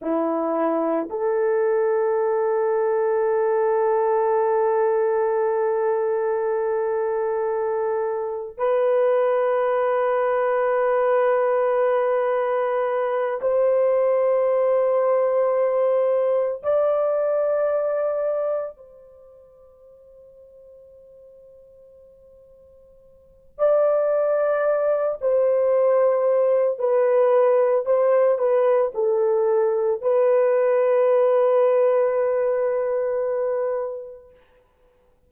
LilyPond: \new Staff \with { instrumentName = "horn" } { \time 4/4 \tempo 4 = 56 e'4 a'2.~ | a'1 | b'1~ | b'8 c''2. d''8~ |
d''4. c''2~ c''8~ | c''2 d''4. c''8~ | c''4 b'4 c''8 b'8 a'4 | b'1 | }